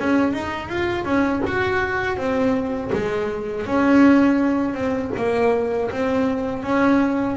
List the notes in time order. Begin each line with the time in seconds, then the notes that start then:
0.00 C#4
0.33 D#4
0.69 F4
1.05 C#4
1.47 F#4
2.17 C4
2.93 G#3
3.66 C#4
4.74 C4
5.17 A#3
5.91 C4
6.63 C#4